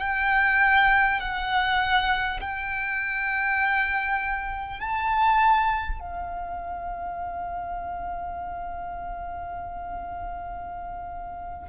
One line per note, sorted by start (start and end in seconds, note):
0.00 1.20 G5
1.20 2.40 F#5
2.41 4.80 G5
4.80 6.00 A5
6.00 11.69 F5